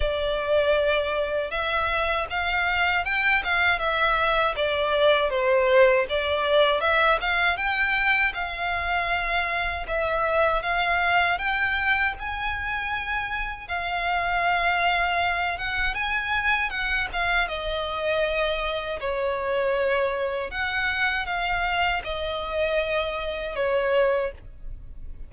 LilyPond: \new Staff \with { instrumentName = "violin" } { \time 4/4 \tempo 4 = 79 d''2 e''4 f''4 | g''8 f''8 e''4 d''4 c''4 | d''4 e''8 f''8 g''4 f''4~ | f''4 e''4 f''4 g''4 |
gis''2 f''2~ | f''8 fis''8 gis''4 fis''8 f''8 dis''4~ | dis''4 cis''2 fis''4 | f''4 dis''2 cis''4 | }